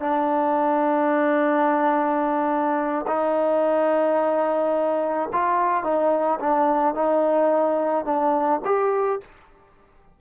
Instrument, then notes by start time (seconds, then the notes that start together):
trombone
0.00 D4
3.07 D#4
5.33 F4
5.84 D#4
6.40 D4
6.94 D#4
8.05 D4
8.65 G4